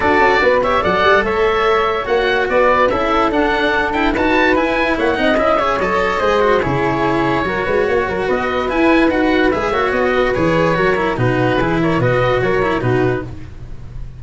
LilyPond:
<<
  \new Staff \with { instrumentName = "oboe" } { \time 4/4 \tempo 4 = 145 d''4. e''8 fis''4 e''4~ | e''4 fis''4 d''4 e''4 | fis''4. g''8 a''4 gis''4 | fis''4 e''4 dis''2 |
cis''1 | dis''4 gis''4 fis''4 e''4 | dis''4 cis''2 b'4~ | b'8 cis''8 dis''4 cis''4 b'4 | }
  \new Staff \with { instrumentName = "flute" } { \time 4/4 a'4 b'8 cis''8 d''4 cis''4~ | cis''2 b'4 a'4~ | a'2 b'2 | cis''8 dis''4 cis''4. c''4 |
gis'2 ais'8 b'8 cis''8 ais'8 | b'2.~ b'8 cis''8~ | cis''8 b'4. ais'4 fis'4 | gis'8 ais'8 b'4 ais'4 fis'4 | }
  \new Staff \with { instrumentName = "cello" } { \time 4/4 fis'4. g'8 a'2~ | a'4 fis'2 e'4 | d'4. e'8 fis'4 e'4~ | e'8 dis'8 e'8 gis'8 a'4 gis'8 fis'8 |
e'2 fis'2~ | fis'4 e'4 fis'4 gis'8 fis'8~ | fis'4 gis'4 fis'8 e'8 dis'4 | e'4 fis'4. e'8 dis'4 | }
  \new Staff \with { instrumentName = "tuba" } { \time 4/4 d'8 cis'8 b4 fis8 g8 a4~ | a4 ais4 b4 cis'4 | d'2 dis'4 e'4 | ais8 c'8 cis'4 fis4 gis4 |
cis2 fis8 gis8 ais8 fis8 | b4 e'4 dis'4 gis8 ais8 | b4 e4 fis4 b,4 | e4 b,4 fis4 b,4 | }
>>